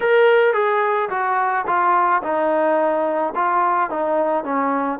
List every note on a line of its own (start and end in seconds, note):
0.00 0.53 A#4
0.53 1.09 G#4
1.09 1.65 F#4
1.66 2.22 F4
2.22 3.33 D#4
3.35 3.89 F4
3.89 4.44 D#4
4.44 4.99 C#4